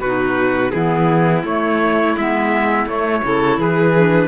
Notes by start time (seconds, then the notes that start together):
0.00 B2 D#4 F#4 B4
0.71 E3 B3 E4 G#4
1.44 A3 C#5
2.17 G#3 B3 E5
2.86 A3 C#5
3.23 C#3 E4 A4
3.57 E3 G#4 B4
3.96 D4